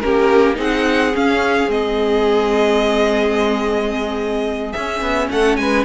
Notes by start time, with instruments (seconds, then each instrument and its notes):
0.00 cello A#3, viola C#4, violin G4 A#4
0.54 cello C4, viola D#4, violin G#4 F#5
1.14 viola C#4, cello C#4, violin F5
1.68 cello G#3, viola C4, violin D#5
4.72 cello C#4, viola C#4, violin E5
5.01 cello B3
5.30 cello A3, violin A4 F#5
5.56 cello G#3, violin B4 G#5